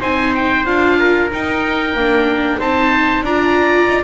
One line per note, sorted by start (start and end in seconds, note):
0.00 0.66 C4
0.00 0.65 D#4
0.00 0.97 C5
0.00 0.34 G#5
0.35 0.66 G5
0.66 1.31 D4
0.66 1.30 F4
0.66 1.30 F5
0.99 2.59 A#4
1.31 1.95 D#4
1.31 1.94 D#4
1.31 2.60 G5
1.94 2.58 A#3
1.94 2.60 D4
2.59 3.22 C4
2.59 3.24 D#4
2.59 3.24 C5
2.59 3.25 A5
3.22 3.86 D4
3.22 4.04 F4
3.22 4.04 D5
3.22 4.04 A#5
3.88 4.04 D#4